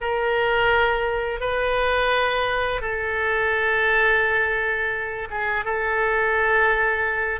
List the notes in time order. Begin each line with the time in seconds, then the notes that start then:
0.00 A#4
1.40 B4
2.81 A4
5.30 G#4
5.64 A4